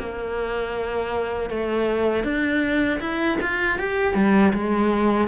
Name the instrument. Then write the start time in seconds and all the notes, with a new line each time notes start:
cello
0.00 A#3
1.51 A3
2.24 D4
3.01 E4
3.42 F4
3.79 G4
4.15 G3
4.54 G#3